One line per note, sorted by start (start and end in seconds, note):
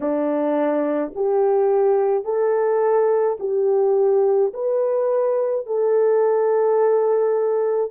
0.00 1.12 D4
1.15 2.24 G4
2.24 3.37 A4
3.39 4.52 G4
4.53 5.66 B4
5.66 7.91 A4